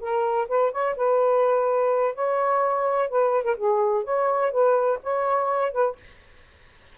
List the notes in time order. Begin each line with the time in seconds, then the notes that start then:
0.00 A#4
0.48 B4
0.71 C#5
0.96 B4
2.15 C#5
3.09 B4
3.44 A#4
3.56 G#4
4.04 C#5
4.51 B4
5.03 C#5
5.72 B4